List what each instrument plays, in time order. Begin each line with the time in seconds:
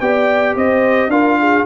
0.00 tuba B3, trombone G4, horn D5, trumpet G5
0.55 tuba C4, horn C5, trumpet D#5
1.08 tuba D4, trombone F4, horn A#4, trumpet F5
1.39 horn G#4